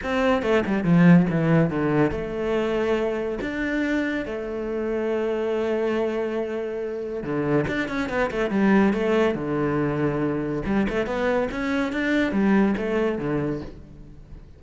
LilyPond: \new Staff \with { instrumentName = "cello" } { \time 4/4 \tempo 4 = 141 c'4 a8 g8 f4 e4 | d4 a2. | d'2 a2~ | a1~ |
a4 d4 d'8 cis'8 b8 a8 | g4 a4 d2~ | d4 g8 a8 b4 cis'4 | d'4 g4 a4 d4 | }